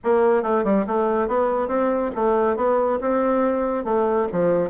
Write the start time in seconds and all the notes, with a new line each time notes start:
0.04 A#3
0.42 A3
0.64 G3
0.86 A3
1.28 B3
1.67 C4
2.15 A3
2.56 B3
3.00 C4
3.84 A3
4.32 F3